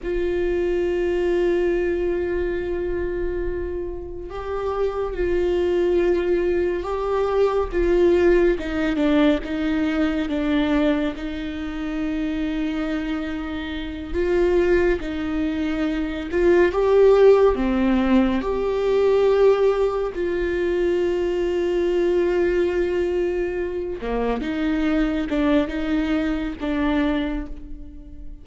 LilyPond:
\new Staff \with { instrumentName = "viola" } { \time 4/4 \tempo 4 = 70 f'1~ | f'4 g'4 f'2 | g'4 f'4 dis'8 d'8 dis'4 | d'4 dis'2.~ |
dis'8 f'4 dis'4. f'8 g'8~ | g'8 c'4 g'2 f'8~ | f'1 | ais8 dis'4 d'8 dis'4 d'4 | }